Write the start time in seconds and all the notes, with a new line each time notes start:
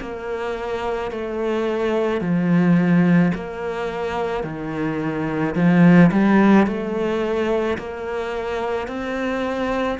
0.00 A#3
1.11 A3
2.21 F3
3.34 A#3
4.43 D#3
5.55 F3
6.11 G3
6.66 A3
7.78 A#3
8.87 C4